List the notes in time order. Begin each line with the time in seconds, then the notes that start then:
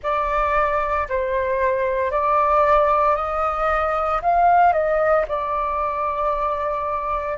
0.02 D5
1.09 C5
2.11 D5
3.15 D#5
4.22 F5
4.72 D#5
5.27 D5